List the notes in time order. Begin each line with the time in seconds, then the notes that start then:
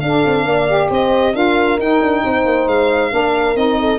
0.00 D4 A4 F5
0.26 C4
0.44 A#3 D5
0.68 G4
0.90 C4 C5 D#5
1.34 D4 F4 A#4 F5
1.79 D#4 G5
2.01 D4
2.24 C4 C5
2.45 A#3
2.67 G#3 F5
3.11 A#3 D4 A#4
3.55 C4 D#4 D#5
3.80 A4